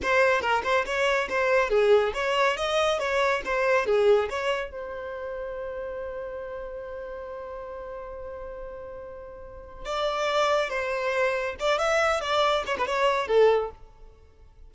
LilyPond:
\new Staff \with { instrumentName = "violin" } { \time 4/4 \tempo 4 = 140 c''4 ais'8 c''8 cis''4 c''4 | gis'4 cis''4 dis''4 cis''4 | c''4 gis'4 cis''4 c''4~ | c''1~ |
c''1~ | c''2. d''4~ | d''4 c''2 d''8 e''8~ | e''8 d''4 cis''16 b'16 cis''4 a'4 | }